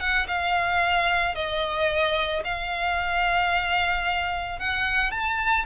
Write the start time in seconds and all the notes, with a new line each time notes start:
0.00 F#5
0.28 F5
1.35 D#5
2.44 F5
4.59 F#5
5.11 A5